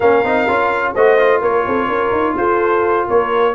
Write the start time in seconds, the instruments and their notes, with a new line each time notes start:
0.00 tuba A#3, trombone C#4, horn A#4, trumpet F5
0.23 tuba C4, trombone D#4
0.48 tuba C#4, trombone F4
0.94 tuba A3, trombone F#4, horn C5, trumpet D#5
1.18 trombone F4
1.40 tuba A#3, horn A#4, trumpet C#5
1.65 tuba C4, horn A4
1.87 tuba C#4, horn A#4
2.12 tuba D#4
2.36 tuba F4, horn A4, trumpet C5
3.06 tuba A#3, horn A#4, trumpet C#5